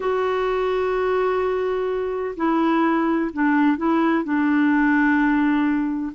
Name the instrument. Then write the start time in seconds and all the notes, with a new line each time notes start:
clarinet
0.00 F#4
2.36 E4
3.33 D4
3.77 E4
4.23 D4